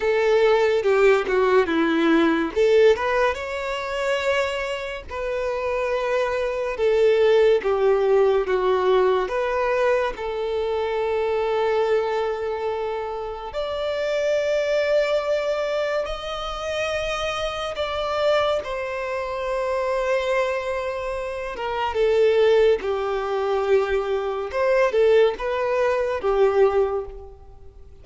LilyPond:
\new Staff \with { instrumentName = "violin" } { \time 4/4 \tempo 4 = 71 a'4 g'8 fis'8 e'4 a'8 b'8 | cis''2 b'2 | a'4 g'4 fis'4 b'4 | a'1 |
d''2. dis''4~ | dis''4 d''4 c''2~ | c''4. ais'8 a'4 g'4~ | g'4 c''8 a'8 b'4 g'4 | }